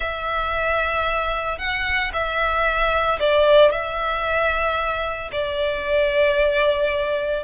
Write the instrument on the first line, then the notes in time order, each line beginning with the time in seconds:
violin
0.00 E5
1.58 F#5
2.13 E5
3.19 D5
3.71 E5
5.31 D5